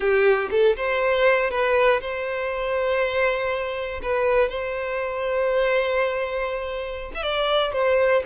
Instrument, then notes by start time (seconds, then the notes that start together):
violin
0.00 G4
0.50 A4
0.76 C5
1.50 B4
2.00 C5
4.02 B4
4.49 C5
7.14 E5
7.22 D5
7.72 C5